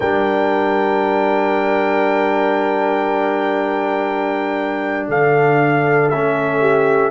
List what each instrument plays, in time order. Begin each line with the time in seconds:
0.00 tuba G3, trombone D4, horn A#4, trumpet G5
5.08 tuba D3, horn A4, trumpet F5
6.09 tuba A3, trombone C#4, trumpet E5
6.60 horn G4